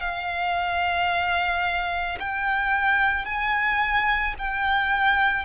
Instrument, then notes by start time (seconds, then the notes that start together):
violin
0.00 F5
2.19 G5
3.25 G#5
4.38 G5